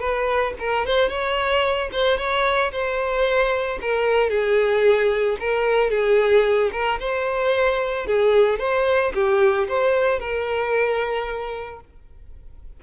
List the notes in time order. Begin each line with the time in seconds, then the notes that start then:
0.00 B4
0.59 A#4
0.86 C5
1.09 C#5
1.92 C5
2.18 C#5
2.72 C5
3.82 A#4
4.30 G#4
5.40 A#4
5.90 G#4
6.72 A#4
7.00 C5
8.06 G#4
8.59 C5
9.14 G4
9.68 C5
10.19 A#4